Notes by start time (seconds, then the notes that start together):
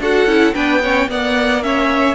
0.00 D4 F#4 A4 F#5
0.26 C#4 E4
0.54 B3 D4 B4 G5
0.82 C#4 C#5
1.07 A#3 B3 D5 F#5
1.62 C#4 C#5 E5